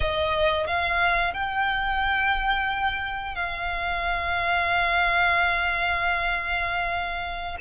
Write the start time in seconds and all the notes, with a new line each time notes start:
0.00 D#5
0.66 F5
1.33 G5
3.35 F5